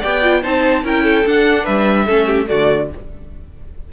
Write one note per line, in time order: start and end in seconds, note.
0.00 0.45 B3
0.00 0.22 G4
0.00 0.41 D5
0.00 0.43 G5
0.22 0.42 F4
0.42 0.84 C4
0.42 0.84 D#4
0.42 0.83 C5
0.42 0.84 A5
0.84 1.25 C#4
0.84 1.25 E4
0.84 1.04 A#4
0.84 1.28 G5
1.04 1.64 A4
1.25 2.08 D4
1.25 1.67 D4
1.25 1.66 F#5
1.64 2.08 G3
1.64 2.05 B4
1.64 2.48 E5
2.06 2.50 A3
2.06 2.46 C#4
2.06 2.27 A4
2.27 2.47 G4
2.46 2.92 D3
2.46 2.87 A3
2.46 2.90 F#4
2.46 2.89 D5